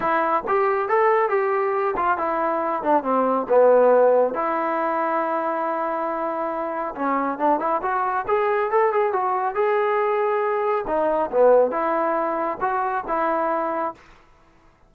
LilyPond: \new Staff \with { instrumentName = "trombone" } { \time 4/4 \tempo 4 = 138 e'4 g'4 a'4 g'4~ | g'8 f'8 e'4. d'8 c'4 | b2 e'2~ | e'1 |
cis'4 d'8 e'8 fis'4 gis'4 | a'8 gis'8 fis'4 gis'2~ | gis'4 dis'4 b4 e'4~ | e'4 fis'4 e'2 | }